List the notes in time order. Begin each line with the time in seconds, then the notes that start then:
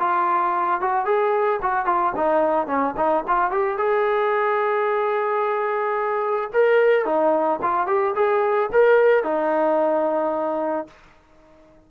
0.00 F4
0.81 F#4
1.06 G#4
1.62 F#4
1.86 F4
2.16 D#4
2.67 C#4
2.97 D#4
3.28 F4
3.51 G4
3.78 G#4
6.54 A#4
7.05 D#4
7.62 F4
7.87 G4
8.16 G#4
8.73 A#4
9.24 D#4